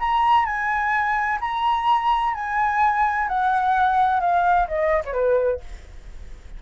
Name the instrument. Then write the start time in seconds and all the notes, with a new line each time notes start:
flute
0.00 A#5
0.46 G#5
1.41 A#5
2.35 G#5
3.28 F#5
4.20 F5
4.68 D#5
5.05 C#5
5.13 B4